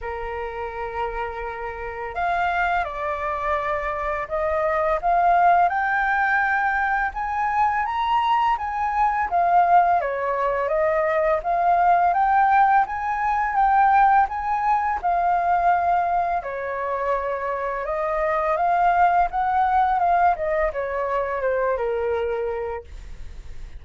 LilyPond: \new Staff \with { instrumentName = "flute" } { \time 4/4 \tempo 4 = 84 ais'2. f''4 | d''2 dis''4 f''4 | g''2 gis''4 ais''4 | gis''4 f''4 cis''4 dis''4 |
f''4 g''4 gis''4 g''4 | gis''4 f''2 cis''4~ | cis''4 dis''4 f''4 fis''4 | f''8 dis''8 cis''4 c''8 ais'4. | }